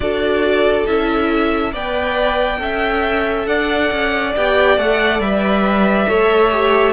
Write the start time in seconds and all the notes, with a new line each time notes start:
0.00 D4 F#4 A4 D5
0.86 C#4 E4 E5
1.72 B3 B4 D5 G5
2.58 C#4 A4 E5
3.45 D4 D5 F#5
3.91 C#4
4.36 B3 G4 G5
4.77 A3 A4 F#5
5.19 G3 B4 E5
6.08 A3 A4 C#5
6.51 G4